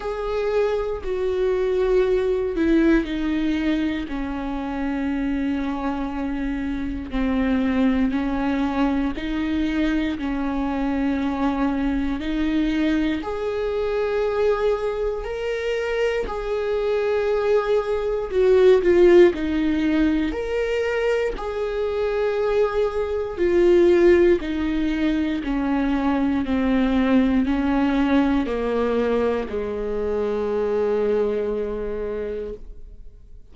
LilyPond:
\new Staff \with { instrumentName = "viola" } { \time 4/4 \tempo 4 = 59 gis'4 fis'4. e'8 dis'4 | cis'2. c'4 | cis'4 dis'4 cis'2 | dis'4 gis'2 ais'4 |
gis'2 fis'8 f'8 dis'4 | ais'4 gis'2 f'4 | dis'4 cis'4 c'4 cis'4 | ais4 gis2. | }